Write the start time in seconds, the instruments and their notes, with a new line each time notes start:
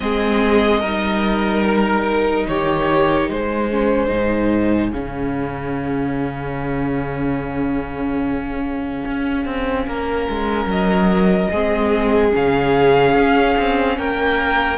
0.00 cello G#3, viola C4, violin G#4 D#5
0.80 cello G3, viola D#4, violin A#4
1.64 violin A#4
2.47 cello D#3, violin G4 C#5
3.28 cello G#3, violin G#4 C5
3.70 viola C#4
4.07 cello G#2, viola D#4
4.91 cello C#3, viola C#4, violin F5
9.05 cello C#4
9.45 cello C4
9.86 cello A#3, violin A#4
10.29 cello G#3
10.65 cello F#3, violin D#5
11.50 cello G#3, viola C4, violin G#4
12.31 cello C#3, viola C#4, violin F5
13.15 cello C#4
13.57 cello C4
13.97 cello A#3, violin A#4 G5